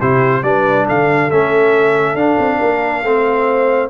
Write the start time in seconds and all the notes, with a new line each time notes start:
0.00 C3 E4 G4 C5
0.43 G3 D4 B4 D5
0.87 D3 A4 F5
1.31 A3 C#4 E5
2.15 D4 F5
2.39 C4
2.59 A#3 A#4
3.04 A3 C4 C5